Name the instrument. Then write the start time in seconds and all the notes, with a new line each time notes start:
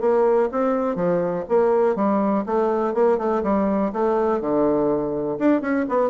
bassoon
0.00 A#3
0.51 C4
0.95 F3
1.49 A#3
1.95 G3
2.46 A3
2.94 A#3
3.18 A3
3.43 G3
3.92 A3
4.41 D3
5.38 D4
5.61 C#4
5.88 B3